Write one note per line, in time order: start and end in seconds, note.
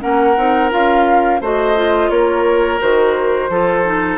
0.00 0.37 A#3
0.00 0.35 C#4
0.00 1.41 A#4
0.00 0.71 F#5
0.37 0.72 C4
0.37 0.71 D#4
0.71 1.41 C#4
0.71 1.40 F4
0.71 1.42 F5
1.41 2.10 A3
1.41 1.76 F#4
1.41 2.11 C5
1.41 2.10 D#5
1.76 2.80 F4
2.10 2.80 A#3
2.10 3.51 A#4
2.10 2.80 C#5
2.80 3.50 D#3
2.80 3.50 F#4
2.80 4.18 C5
3.50 4.18 F3
3.50 3.85 F4
3.50 4.18 A4
3.85 4.18 D#4